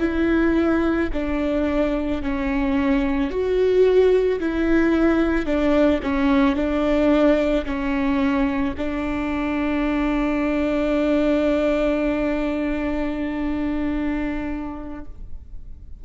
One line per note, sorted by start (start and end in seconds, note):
0.00 1.09 E4
1.13 2.22 D4
2.22 3.31 C#4
3.31 4.40 F#4
4.40 5.46 E4
5.46 6.00 D4
6.02 6.56 C#4
6.56 7.65 D4
7.66 8.75 C#4
8.78 15.05 D4